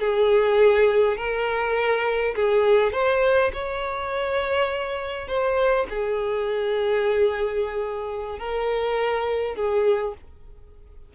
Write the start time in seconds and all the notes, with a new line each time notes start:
0.00 G#4
1.17 A#4
2.36 G#4
2.93 C5
3.53 C#5
5.28 C5
5.90 G#4
8.39 A#4
9.55 G#4